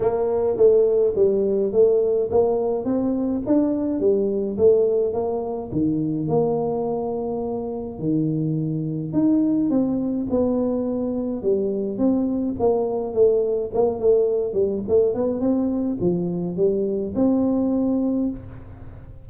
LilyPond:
\new Staff \with { instrumentName = "tuba" } { \time 4/4 \tempo 4 = 105 ais4 a4 g4 a4 | ais4 c'4 d'4 g4 | a4 ais4 dis4 ais4~ | ais2 dis2 |
dis'4 c'4 b2 | g4 c'4 ais4 a4 | ais8 a4 g8 a8 b8 c'4 | f4 g4 c'2 | }